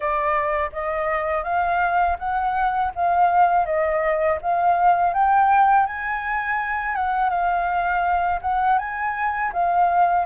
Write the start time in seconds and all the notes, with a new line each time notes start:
0.00 D5
0.72 D#5
1.43 F5
2.18 F#5
2.95 F5
3.65 D#5
4.41 F5
5.13 G5
5.86 G#5
6.95 F#5
7.29 F5
8.41 F#5
8.78 G#5
9.52 F5